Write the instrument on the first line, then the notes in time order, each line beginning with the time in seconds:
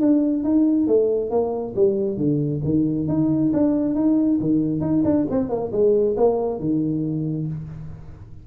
tuba
0.00 D4
0.43 D#4
0.87 A3
1.30 A#3
1.75 G3
2.17 D3
2.64 D#3
3.08 D#4
3.53 D4
3.95 D#4
4.40 D#3
4.80 D#4
5.04 D4
5.30 C4
5.49 A#3
5.72 G#3
6.16 A#3
6.59 D#3